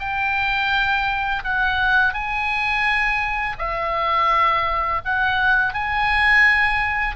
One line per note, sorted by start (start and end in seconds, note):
0.00 1.43 G5
1.44 2.14 F#5
2.14 3.57 G#5
3.59 5.02 E5
5.05 5.74 F#5
5.74 7.17 G#5